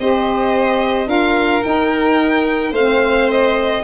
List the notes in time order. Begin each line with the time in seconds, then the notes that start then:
0.00 C4 G4 C5 D#5
1.06 D4 F4 A#4 F5
1.62 D#4 G5
2.72 A3 C4 C5 F5
3.31 D#5